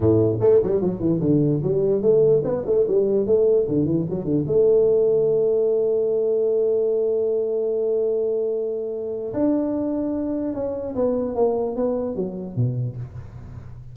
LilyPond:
\new Staff \with { instrumentName = "tuba" } { \time 4/4 \tempo 4 = 148 a,4 a8 g8 fis8 e8 d4 | g4 a4 b8 a8 g4 | a4 d8 e8 fis8 d8 a4~ | a1~ |
a1~ | a2. d'4~ | d'2 cis'4 b4 | ais4 b4 fis4 b,4 | }